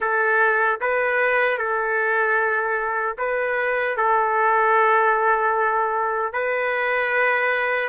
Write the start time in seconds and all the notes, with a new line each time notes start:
0.00 A4
0.80 B4
1.58 A4
3.18 B4
3.96 A4
6.32 B4